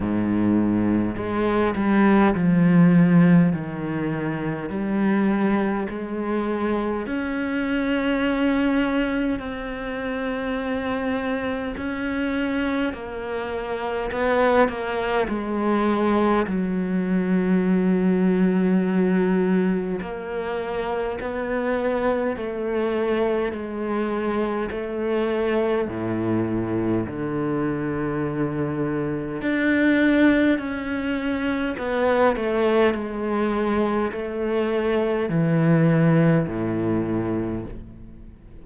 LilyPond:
\new Staff \with { instrumentName = "cello" } { \time 4/4 \tempo 4 = 51 gis,4 gis8 g8 f4 dis4 | g4 gis4 cis'2 | c'2 cis'4 ais4 | b8 ais8 gis4 fis2~ |
fis4 ais4 b4 a4 | gis4 a4 a,4 d4~ | d4 d'4 cis'4 b8 a8 | gis4 a4 e4 a,4 | }